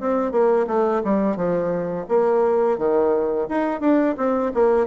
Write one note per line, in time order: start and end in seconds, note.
0.00 0.31 C4
0.31 0.66 A#3
0.67 1.02 A3
1.04 1.36 G3
1.36 2.06 F3
2.08 2.78 A#3
2.78 3.48 D#3
3.49 3.81 D#4
3.81 4.15 D4
4.17 4.52 C4
4.54 4.86 A#3